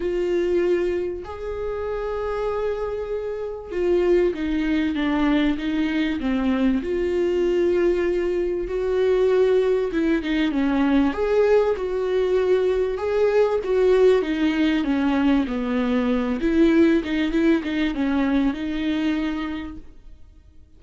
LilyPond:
\new Staff \with { instrumentName = "viola" } { \time 4/4 \tempo 4 = 97 f'2 gis'2~ | gis'2 f'4 dis'4 | d'4 dis'4 c'4 f'4~ | f'2 fis'2 |
e'8 dis'8 cis'4 gis'4 fis'4~ | fis'4 gis'4 fis'4 dis'4 | cis'4 b4. e'4 dis'8 | e'8 dis'8 cis'4 dis'2 | }